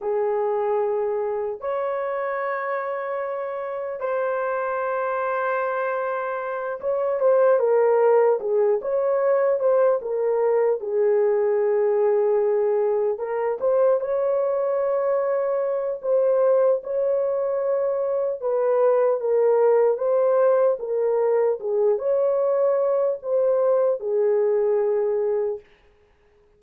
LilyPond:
\new Staff \with { instrumentName = "horn" } { \time 4/4 \tempo 4 = 75 gis'2 cis''2~ | cis''4 c''2.~ | c''8 cis''8 c''8 ais'4 gis'8 cis''4 | c''8 ais'4 gis'2~ gis'8~ |
gis'8 ais'8 c''8 cis''2~ cis''8 | c''4 cis''2 b'4 | ais'4 c''4 ais'4 gis'8 cis''8~ | cis''4 c''4 gis'2 | }